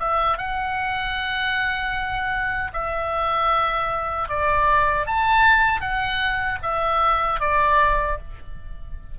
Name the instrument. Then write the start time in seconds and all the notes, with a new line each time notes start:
oboe
0.00 E5
0.38 F#5
2.73 E5
4.29 D5
5.06 A5
5.81 F#5
6.62 E5
7.40 D5